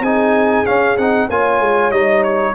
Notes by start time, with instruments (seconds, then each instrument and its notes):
0.00 tuba C4, trombone D#4, horn G#4, trumpet G#5
0.66 trombone C#4, tuba C#4, trumpet F5
0.97 tuba C4, trombone D#4, trumpet F#5
1.29 tuba A#3, trombone F4, horn C#5, trumpet G#5
1.60 tuba G#3
1.91 tuba G3, trombone D#4, trumpet D#5
2.23 trumpet C#5